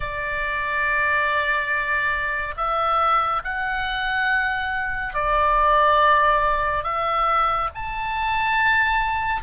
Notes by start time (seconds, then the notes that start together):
0.00 D5
2.56 E5
3.44 F#5
5.14 D5
6.83 E5
7.75 A5